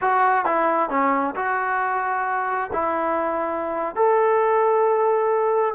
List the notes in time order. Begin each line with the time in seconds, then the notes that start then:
0.01 F#4
0.45 E4
0.89 C#4
1.35 F#4
2.73 E4
3.95 A4